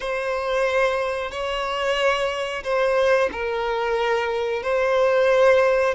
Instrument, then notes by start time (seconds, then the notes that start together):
violin
0.00 C5
1.31 C#5
2.63 C5
3.31 A#4
4.62 C5